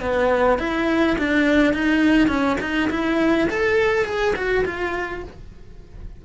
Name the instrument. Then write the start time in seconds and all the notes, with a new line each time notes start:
cello
0.00 B3
0.58 E4
1.18 D4
1.73 D#4
2.28 C#4
2.60 D#4
2.90 E4
3.50 A4
4.05 G#4
4.35 F#4
4.65 F4